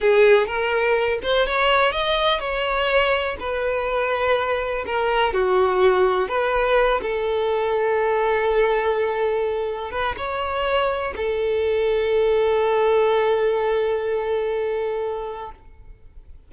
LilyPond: \new Staff \with { instrumentName = "violin" } { \time 4/4 \tempo 4 = 124 gis'4 ais'4. c''8 cis''4 | dis''4 cis''2 b'4~ | b'2 ais'4 fis'4~ | fis'4 b'4. a'4.~ |
a'1~ | a'8 b'8 cis''2 a'4~ | a'1~ | a'1 | }